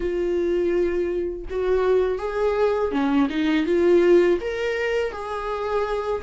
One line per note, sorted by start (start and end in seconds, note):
0.00 1.45 F4
1.50 2.18 F#4
2.18 2.91 G#4
2.91 3.28 C#4
3.29 3.66 D#4
3.66 4.39 F4
4.41 5.12 A#4
5.12 6.22 G#4